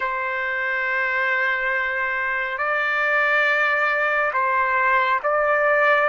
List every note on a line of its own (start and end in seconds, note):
0.00 2.58 C5
2.58 4.32 D5
4.33 5.20 C5
5.23 6.09 D5